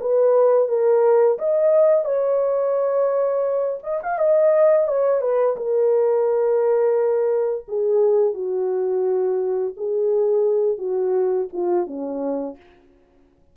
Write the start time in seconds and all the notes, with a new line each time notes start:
0.00 B4
0.68 A#4
1.38 D#5
2.05 C#5
3.83 D#5
4.02 F5
4.18 D#5
4.87 C#5
5.21 B4
5.56 A#4
7.67 G#4
8.33 F#4
9.76 G#4
10.78 F#4
11.52 F4
11.86 C#4